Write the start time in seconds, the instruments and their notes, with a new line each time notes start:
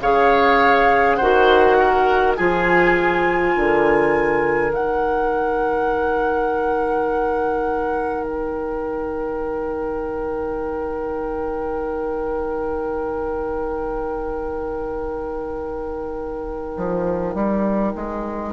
0.00 bassoon C#3, clarinet G#4, oboe C#5, flute F5
1.15 bassoon D#3, oboe C5, flute F#5
1.21 clarinet F#4
1.79 oboe A#4
2.37 bassoon F3, clarinet F4, oboe G#4, flute G#5
3.54 bassoon D3, oboe A#4
4.71 bassoon D#3, clarinet D#4, flute F#5
8.24 flute G5
16.77 bassoon F3
17.34 bassoon G3
17.95 bassoon G#3